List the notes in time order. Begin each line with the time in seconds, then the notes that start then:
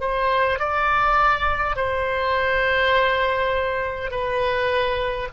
0.00 C5
0.59 D5
1.76 C5
4.10 B4